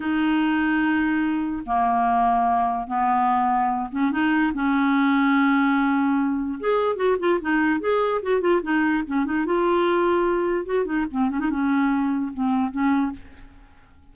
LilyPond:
\new Staff \with { instrumentName = "clarinet" } { \time 4/4 \tempo 4 = 146 dis'1 | ais2. b4~ | b4. cis'8 dis'4 cis'4~ | cis'1 |
gis'4 fis'8 f'8 dis'4 gis'4 | fis'8 f'8 dis'4 cis'8 dis'8 f'4~ | f'2 fis'8 dis'8 c'8 cis'16 dis'16 | cis'2 c'4 cis'4 | }